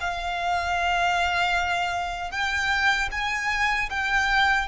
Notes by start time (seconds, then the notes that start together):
0.00 F5
2.31 G5
3.11 G#5
3.90 G5